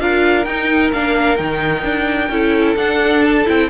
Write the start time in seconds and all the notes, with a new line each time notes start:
0.00 D4 F4 A#4 F5
0.45 D#4 G5
0.93 A#3 D4 F5
1.37 D#3 D#4 G5
1.83 D4
2.30 C#4 E4 A4
2.76 D4 F#5
3.24 A5
3.46 C4 E4 G5